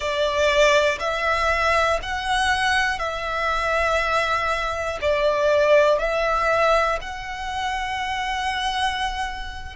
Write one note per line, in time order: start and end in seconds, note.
0.00 0.98 D5
1.00 2.00 E5
2.02 2.99 F#5
2.99 4.99 E5
5.00 5.99 D5
5.99 6.99 E5
7.01 9.75 F#5